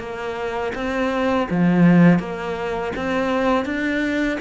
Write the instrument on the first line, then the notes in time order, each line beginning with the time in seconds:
cello
0.00 A#3
0.75 C4
1.51 F3
2.20 A#3
2.97 C4
3.66 D4